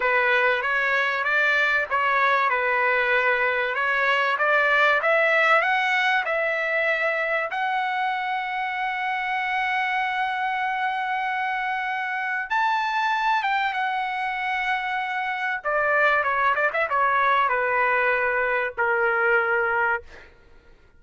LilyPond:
\new Staff \with { instrumentName = "trumpet" } { \time 4/4 \tempo 4 = 96 b'4 cis''4 d''4 cis''4 | b'2 cis''4 d''4 | e''4 fis''4 e''2 | fis''1~ |
fis''1 | a''4. g''8 fis''2~ | fis''4 d''4 cis''8 d''16 e''16 cis''4 | b'2 ais'2 | }